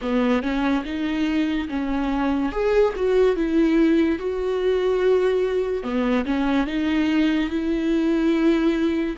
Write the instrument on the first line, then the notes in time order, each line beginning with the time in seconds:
viola
0.01 B3
0.42 C#4
0.84 D#4
1.68 C#4
2.52 G#4
2.96 F#4
3.36 E4
4.19 F#4
5.83 B3
6.25 C#4
6.66 D#4
7.49 E4